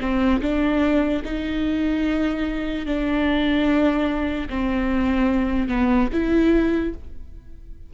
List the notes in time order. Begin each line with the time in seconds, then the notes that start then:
0.00 C4
0.41 D4
1.24 D#4
2.86 D4
4.49 C4
5.68 B3
6.12 E4